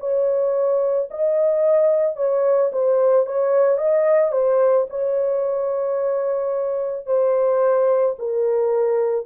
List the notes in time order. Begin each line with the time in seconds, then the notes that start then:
0.00 C#5
1.11 D#5
2.17 C#5
2.72 C5
3.26 C#5
3.78 D#5
4.32 C5
4.90 C#5
7.07 C5
8.19 A#4